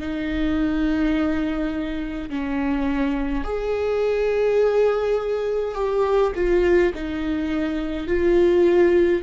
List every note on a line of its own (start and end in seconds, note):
0.00 2.30 D#4
2.30 3.45 C#4
3.45 5.75 G#4
5.75 6.33 G4
6.36 6.93 F4
6.95 8.08 D#4
8.08 9.23 F4